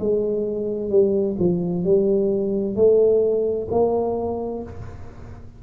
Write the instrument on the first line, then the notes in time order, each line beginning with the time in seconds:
tuba
0.00 G#3
0.91 G3
1.39 F3
1.85 G3
2.76 A3
3.71 A#3